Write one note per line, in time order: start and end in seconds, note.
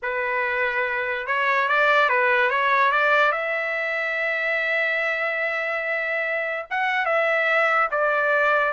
0.02 1.27 B4
1.27 1.68 C#5
1.68 2.09 D5
2.09 2.50 B4
2.50 2.91 C#5
2.91 3.32 D5
3.32 6.65 E5
6.70 7.05 F#5
7.05 7.88 E5
7.91 8.72 D5